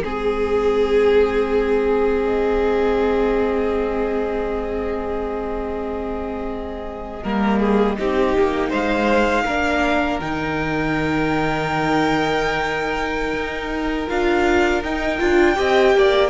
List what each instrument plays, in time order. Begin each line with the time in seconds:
0.00 cello G#3, viola C4, violin G#4
2.23 violin D#5
7.23 cello G3, viola A#3, violin A#4
7.59 violin G#4
7.98 cello C4, viola D#4, violin G4
8.38 cello A#3
8.69 cello G#3, violin C5 F5
9.45 cello A#3, viola D4, violin A#4
10.20 cello D#3, viola D#4, violin G5
13.33 cello D#4
14.08 cello D4, viola F4, violin F5
14.82 cello D#4, viola D#4, violin G5
15.19 cello D4, viola F4
15.55 cello C4, viola G4, violin D#5
15.95 cello A#3, violin D5